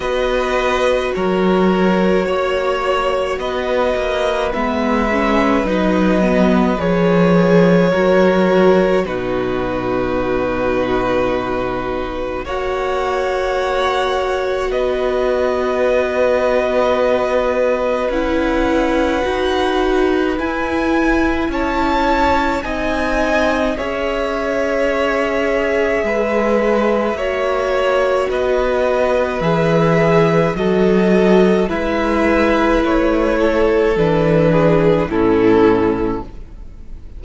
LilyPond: <<
  \new Staff \with { instrumentName = "violin" } { \time 4/4 \tempo 4 = 53 dis''4 cis''2 dis''4 | e''4 dis''4 cis''2 | b'2. fis''4~ | fis''4 dis''2. |
fis''2 gis''4 a''4 | gis''4 e''2.~ | e''4 dis''4 e''4 dis''4 | e''4 cis''4 b'4 a'4 | }
  \new Staff \with { instrumentName = "violin" } { \time 4/4 b'4 ais'4 cis''4 b'4~ | b'2. ais'4 | fis'2. cis''4~ | cis''4 b'2.~ |
b'2. cis''4 | dis''4 cis''2 b'4 | cis''4 b'2 a'4 | b'4. a'4 gis'8 e'4 | }
  \new Staff \with { instrumentName = "viola" } { \time 4/4 fis'1 | b8 cis'8 dis'8 b8 gis'4 fis'4 | dis'2. fis'4~ | fis'1 |
e'4 fis'4 e'2 | dis'4 gis'2. | fis'2 gis'4 fis'4 | e'2 d'4 cis'4 | }
  \new Staff \with { instrumentName = "cello" } { \time 4/4 b4 fis4 ais4 b8 ais8 | gis4 fis4 f4 fis4 | b,2. ais4~ | ais4 b2. |
cis'4 dis'4 e'4 cis'4 | c'4 cis'2 gis4 | ais4 b4 e4 fis4 | gis4 a4 e4 a,4 | }
>>